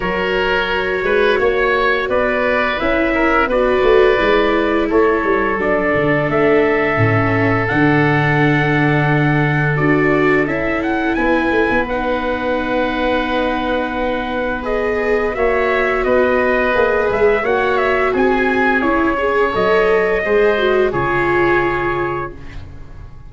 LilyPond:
<<
  \new Staff \with { instrumentName = "trumpet" } { \time 4/4 \tempo 4 = 86 cis''2. d''4 | e''4 d''2 cis''4 | d''4 e''2 fis''4~ | fis''2 d''4 e''8 fis''8 |
gis''4 fis''2.~ | fis''4 dis''4 e''4 dis''4~ | dis''8 e''8 fis''8 e''8 gis''4 cis''4 | dis''2 cis''2 | }
  \new Staff \with { instrumentName = "oboe" } { \time 4/4 ais'4. b'8 cis''4 b'4~ | b'8 ais'8 b'2 a'4~ | a'1~ | a'1 |
b'1~ | b'2 cis''4 b'4~ | b'4 cis''4 gis'4. cis''8~ | cis''4 c''4 gis'2 | }
  \new Staff \with { instrumentName = "viola" } { \time 4/4 fis'1 | e'4 fis'4 e'2 | d'2 cis'4 d'4~ | d'2 fis'4 e'4~ |
e'4 dis'2.~ | dis'4 gis'4 fis'2 | gis'4 fis'2 e'8 gis'8 | a'4 gis'8 fis'8 f'2 | }
  \new Staff \with { instrumentName = "tuba" } { \time 4/4 fis4. gis8 ais4 b4 | cis'4 b8 a8 gis4 a8 g8 | fis8 d8 a4 a,4 d4~ | d2 d'4 cis'4 |
b8 a16 b2.~ b16~ | b2 ais4 b4 | ais8 gis8 ais4 c'4 cis'4 | fis4 gis4 cis2 | }
>>